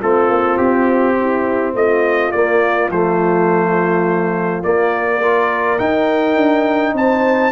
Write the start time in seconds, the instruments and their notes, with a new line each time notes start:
0.00 tuba A3, trombone C4, horn F4, trumpet A4
0.29 tuba A#3
0.58 tuba C4, trumpet G4
1.20 horn E4
1.75 tuba A3, horn F4, trumpet D#5
2.32 trombone A#3, tuba A#3, trumpet D5
2.90 tuba F3, trombone A3, trumpet C5
4.64 trombone A#3, tuba A#3, trumpet D5
5.21 trombone F4, horn A#4
5.79 trombone D#4, tuba D#4, trumpet G5
6.36 tuba D4
6.94 tuba C4, horn C5, trumpet A5